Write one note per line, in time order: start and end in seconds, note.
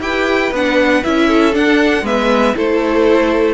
0.00 0.51 E4
0.00 0.51 G4
0.00 1.27 B4
0.00 0.53 G5
0.51 1.02 B3
0.51 1.04 D4
0.51 1.03 F#5
1.03 1.55 C#4
1.03 1.52 E4
1.03 1.54 E5
1.27 2.03 A4
1.52 2.03 D4
1.52 2.02 D4
1.52 2.06 F#5
2.02 2.53 G#3
2.02 2.55 B3
2.02 2.55 B4
2.02 2.56 E5
2.55 3.53 A3
2.55 3.53 E4
2.55 3.53 A4
2.55 3.53 C5